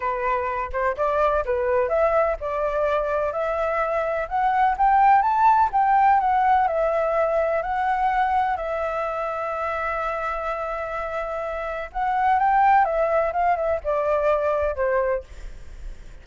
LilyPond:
\new Staff \with { instrumentName = "flute" } { \time 4/4 \tempo 4 = 126 b'4. c''8 d''4 b'4 | e''4 d''2 e''4~ | e''4 fis''4 g''4 a''4 | g''4 fis''4 e''2 |
fis''2 e''2~ | e''1~ | e''4 fis''4 g''4 e''4 | f''8 e''8 d''2 c''4 | }